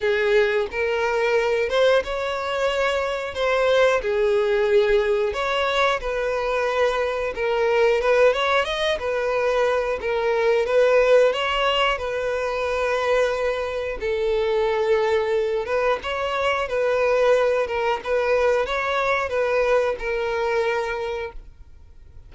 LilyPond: \new Staff \with { instrumentName = "violin" } { \time 4/4 \tempo 4 = 90 gis'4 ais'4. c''8 cis''4~ | cis''4 c''4 gis'2 | cis''4 b'2 ais'4 | b'8 cis''8 dis''8 b'4. ais'4 |
b'4 cis''4 b'2~ | b'4 a'2~ a'8 b'8 | cis''4 b'4. ais'8 b'4 | cis''4 b'4 ais'2 | }